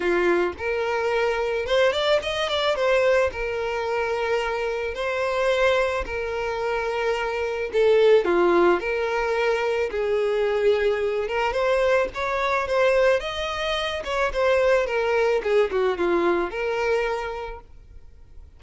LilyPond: \new Staff \with { instrumentName = "violin" } { \time 4/4 \tempo 4 = 109 f'4 ais'2 c''8 d''8 | dis''8 d''8 c''4 ais'2~ | ais'4 c''2 ais'4~ | ais'2 a'4 f'4 |
ais'2 gis'2~ | gis'8 ais'8 c''4 cis''4 c''4 | dis''4. cis''8 c''4 ais'4 | gis'8 fis'8 f'4 ais'2 | }